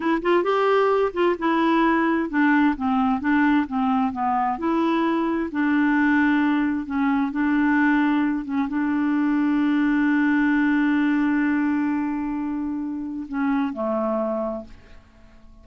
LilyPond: \new Staff \with { instrumentName = "clarinet" } { \time 4/4 \tempo 4 = 131 e'8 f'8 g'4. f'8 e'4~ | e'4 d'4 c'4 d'4 | c'4 b4 e'2 | d'2. cis'4 |
d'2~ d'8 cis'8 d'4~ | d'1~ | d'1~ | d'4 cis'4 a2 | }